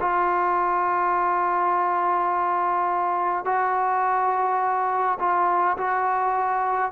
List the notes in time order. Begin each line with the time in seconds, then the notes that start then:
0.00 F4
3.45 F#4
5.19 F4
5.77 F#4